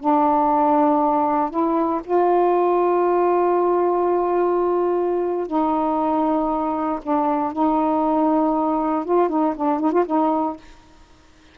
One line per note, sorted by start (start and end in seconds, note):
0.00 1.50 D4
1.50 2.01 E4
2.05 5.47 F4
5.47 7.00 D#4
7.03 7.53 D4
7.53 9.05 D#4
9.05 9.29 F4
9.29 9.55 D#4
9.56 9.80 D4
9.80 9.92 D#4
9.92 10.05 F4
10.06 10.57 D#4